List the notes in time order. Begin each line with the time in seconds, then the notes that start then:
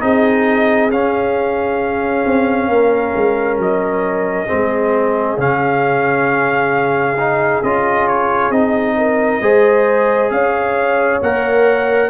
0.00 C4 D#4 G#4 D#5
0.91 C#4 F5
2.26 C4
2.68 A#3 A#4
3.16 G#3
3.58 F#3 D#5
4.47 G#3 C4 G#4
5.38 C#3 C#4 F5
7.19 D#4
7.63 C#4 F4 D#5
8.08 C#5
8.50 C4 D#4 D#5
8.97 A#4
9.41 G#3 G#4 C5
10.31 C#4 C#5 F5
11.22 A#3 A#4 F#5